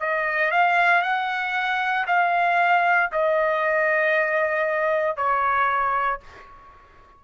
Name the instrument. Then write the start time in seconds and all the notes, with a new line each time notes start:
trumpet
0.00 D#5
0.51 F5
1.02 F#5
2.07 F5
3.12 D#5
5.17 C#5